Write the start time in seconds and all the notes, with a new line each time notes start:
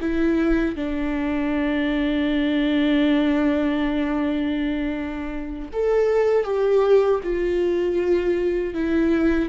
0.00 E4
0.75 D4
5.72 A4
6.43 G4
7.23 F4
8.74 E4